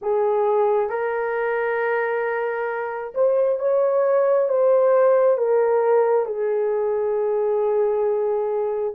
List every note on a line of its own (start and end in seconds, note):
0.01 0.89 G#4
0.89 3.13 A#4
3.14 3.59 C5
3.59 4.48 C#5
4.48 5.37 C5
5.37 6.25 A#4
6.25 8.94 G#4